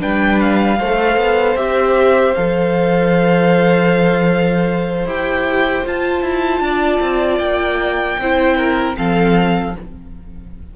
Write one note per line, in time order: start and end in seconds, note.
0.00 0.80 G3
0.00 0.78 D4
0.00 0.79 B4
0.00 0.41 G5
0.41 1.57 F5
0.79 1.17 A3
0.79 1.57 A4
0.79 6.63 C5
1.17 1.56 B3
1.56 2.34 C4
1.56 2.35 G4
1.56 2.34 E5
2.34 5.06 F3
2.34 5.08 A4
2.34 5.07 F5
5.06 5.84 E4
5.06 5.85 G4
5.06 5.87 G5
5.85 8.19 F4
5.85 6.22 F4
5.85 7.39 A5
6.22 6.60 E4
6.60 6.99 D4
6.60 8.20 D5
7.01 7.39 C4
7.39 8.17 A#3
7.39 8.95 G5
8.19 8.97 C4
8.19 8.96 E4
8.19 8.58 C5
8.58 8.97 A#4
8.96 9.76 F3
8.96 9.74 C4
8.96 9.76 A4
8.96 9.76 F5